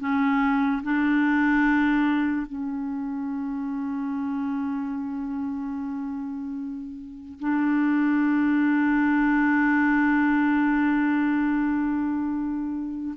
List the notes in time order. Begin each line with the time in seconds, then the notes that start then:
0.00 C#4
0.84 D4
2.47 C#4
7.40 D4